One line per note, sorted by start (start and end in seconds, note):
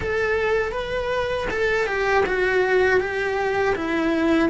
0.00 0.72 A4
0.72 1.47 B4
1.50 1.86 A4
1.86 2.24 G4
2.25 3.00 F#4
3.00 3.75 G4
3.75 4.49 E4